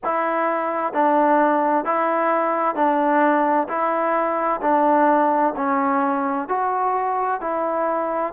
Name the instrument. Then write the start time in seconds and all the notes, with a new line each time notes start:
trombone
0.03 E4
0.93 D4
1.85 E4
2.75 D4
3.68 E4
4.62 D4
5.56 C#4
6.48 F#4
7.41 E4